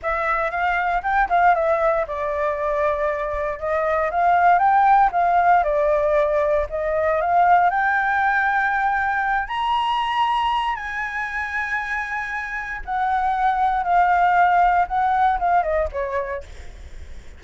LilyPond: \new Staff \with { instrumentName = "flute" } { \time 4/4 \tempo 4 = 117 e''4 f''4 g''8 f''8 e''4 | d''2. dis''4 | f''4 g''4 f''4 d''4~ | d''4 dis''4 f''4 g''4~ |
g''2~ g''8 ais''4.~ | ais''4 gis''2.~ | gis''4 fis''2 f''4~ | f''4 fis''4 f''8 dis''8 cis''4 | }